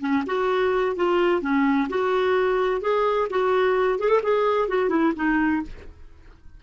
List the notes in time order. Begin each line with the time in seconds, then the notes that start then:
0.00 C#4
0.26 F#4
0.96 F4
1.41 C#4
1.89 F#4
2.81 G#4
3.30 F#4
3.99 G#4
4.08 A4
4.23 G#4
4.68 F#4
4.89 E4
5.15 D#4